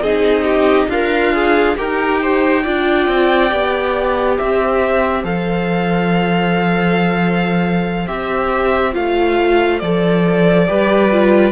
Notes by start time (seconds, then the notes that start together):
0.00 C4 D#4 G#4 D#5
0.45 G4
0.89 D4 F4 A#4 F5
1.33 G#4
1.77 D#4 G4 A#4 G5
2.22 C5
2.63 D4 F4 D5
3.08 C4
3.50 B3 G4
4.37 C4 C5 E5
5.24 F3 A4 F5
8.08 C4 G4 E5
8.92 A3 F4 F5
9.80 F3 A4 D5
10.67 G3 G4 B4
11.12 F4